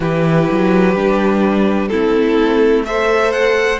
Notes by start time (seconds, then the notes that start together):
0.00 E3 E4 G4 B4
0.51 F#3
0.95 G3 D4
1.87 C4 E4 A4
1.94 A3
2.85 A4 C5 E5
3.32 F#5